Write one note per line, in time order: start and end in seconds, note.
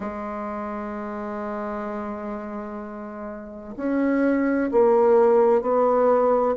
0.00 3.74 G#3
3.76 4.70 C#4
4.71 5.61 A#3
5.61 6.55 B3